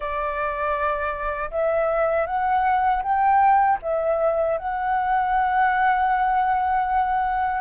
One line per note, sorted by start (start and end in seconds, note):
0.00 1.50 D5
1.51 2.26 E5
2.26 3.02 F#5
3.02 3.78 G5
3.81 4.57 E5
4.58 7.61 F#5